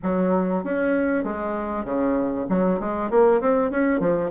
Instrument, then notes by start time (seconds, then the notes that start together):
bassoon
0.02 F#3
0.64 C#4
1.23 G#3
1.84 C#3
2.49 F#3
2.80 G#3
3.10 A#3
3.40 C4
3.70 C#4
4.00 F3